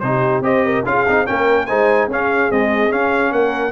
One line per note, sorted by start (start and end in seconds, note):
0.00 0.41 C3
0.00 0.43 D#4
0.00 0.46 G4
0.00 0.41 C5
0.41 0.83 C4
0.41 0.84 G4
0.41 0.66 C5
0.41 0.86 D#5
0.66 0.86 A#4
0.86 1.07 C#4
0.86 1.07 F4
0.86 1.27 G#4
0.86 1.27 F5
1.07 1.28 C4
1.07 1.26 D#4
1.26 1.70 A#3
1.26 1.67 C#4
1.26 1.67 A#4
1.26 1.66 G5
1.66 2.08 G#3
1.66 2.11 D#4
1.66 2.08 C5
1.66 2.08 G#5
2.08 2.49 C#4
2.08 2.52 C#4
2.08 3.32 G#4
2.08 2.52 F5
2.51 2.90 G#3
2.51 2.92 C4
2.51 2.92 D#5
2.90 3.72 C#4
2.90 3.32 C#4
2.90 3.33 F5
3.32 3.72 A#3
3.32 3.72 A#4
3.32 3.72 F#5